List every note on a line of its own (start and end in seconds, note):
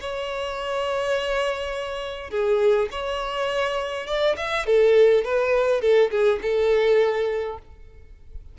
0.00 2.30 C#5
2.30 2.89 G#4
2.91 4.07 C#5
4.07 4.36 D5
4.37 4.66 E5
4.66 5.24 A4
5.24 5.81 B4
5.81 6.10 A4
6.10 6.39 G#4
6.42 7.58 A4